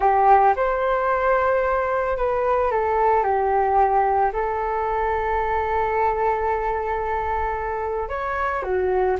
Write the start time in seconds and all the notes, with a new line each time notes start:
0.00 G4
0.56 C5
2.17 B4
2.71 A4
3.23 G4
4.32 A4
8.08 C#5
8.62 F#4